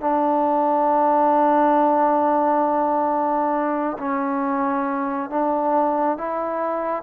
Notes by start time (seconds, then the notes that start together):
0.00 D4
3.98 C#4
5.30 D4
6.18 E4